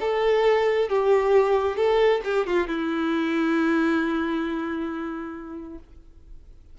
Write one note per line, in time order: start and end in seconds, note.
0.00 0.89 A4
0.89 1.76 G4
1.76 2.21 A4
2.24 2.46 G4
2.46 2.67 F4
2.67 5.79 E4